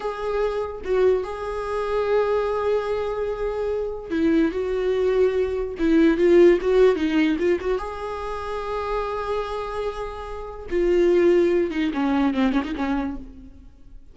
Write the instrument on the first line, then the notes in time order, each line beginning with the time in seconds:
viola
0.00 G#4
0.84 F#4
1.23 G#4
4.10 E4
4.51 F#4
5.79 E4
6.17 F4
6.61 F#4
6.95 D#4
7.38 F4
7.60 F#4
7.78 G#4
10.70 F4
11.70 D#4
11.93 C#4
12.34 C4
12.52 C#4
12.64 D#4
12.75 C#4